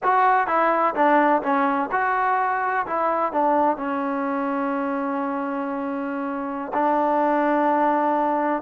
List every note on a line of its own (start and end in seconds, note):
0.03 0.47 F#4
0.47 0.94 E4
0.94 1.42 D4
1.42 1.89 C#4
1.91 2.86 F#4
2.86 3.32 E4
3.32 3.76 D4
3.76 6.72 C#4
6.73 8.62 D4